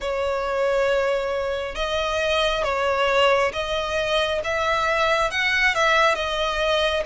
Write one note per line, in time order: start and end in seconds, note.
0.00 1.75 C#5
1.75 2.63 D#5
2.63 3.51 C#5
3.53 4.41 D#5
4.44 5.30 E5
5.30 5.74 F#5
5.74 6.14 E5
6.14 7.03 D#5